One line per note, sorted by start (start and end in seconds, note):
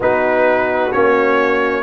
0.00 0.91 B3
0.00 0.92 D#4
0.00 1.83 F#4
0.00 0.92 B4
0.92 1.83 A#3
0.92 1.83 C#4
0.92 1.83 C#5